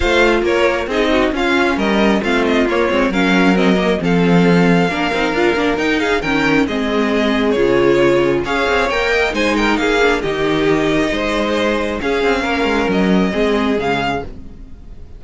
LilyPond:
<<
  \new Staff \with { instrumentName = "violin" } { \time 4/4 \tempo 4 = 135 f''4 cis''4 dis''4 f''4 | dis''4 f''8 dis''8 cis''4 f''4 | dis''4 f''2.~ | f''4 g''8 f''8 g''4 dis''4~ |
dis''4 cis''2 f''4 | g''4 gis''8 g''8 f''4 dis''4~ | dis''2. f''4~ | f''4 dis''2 f''4 | }
  \new Staff \with { instrumentName = "violin" } { \time 4/4 c''4 ais'4 gis'8 fis'8 f'4 | ais'4 f'2 ais'4~ | ais'4 a'2 ais'4~ | ais'4. gis'8 ais'4 gis'4~ |
gis'2. cis''4~ | cis''8 dis''8 c''8 ais'8 gis'4 g'4~ | g'4 c''2 gis'4 | ais'2 gis'2 | }
  \new Staff \with { instrumentName = "viola" } { \time 4/4 f'2 dis'4 cis'4~ | cis'4 c'4 ais8 c'8 cis'4 | c'8 ais8 c'2 d'8 dis'8 | f'8 d'8 dis'4 cis'4 c'4~ |
c'4 f'2 gis'4 | ais'4 dis'4. d'8 dis'4~ | dis'2. cis'4~ | cis'2 c'4 gis4 | }
  \new Staff \with { instrumentName = "cello" } { \time 4/4 a4 ais4 c'4 cis'4 | g4 a4 ais8 gis8 fis4~ | fis4 f2 ais8 c'8 | d'8 ais8 dis'4 dis4 gis4~ |
gis4 cis2 cis'8 c'8 | ais4 gis4 ais4 dis4~ | dis4 gis2 cis'8 c'8 | ais8 gis8 fis4 gis4 cis4 | }
>>